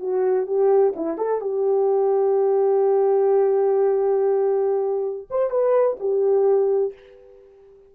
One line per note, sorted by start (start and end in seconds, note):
0.00 0.47 F#4
0.47 0.94 G4
0.96 1.18 E4
1.18 1.41 A4
1.41 5.28 G4
5.30 5.51 C5
5.51 5.97 B4
6.00 6.94 G4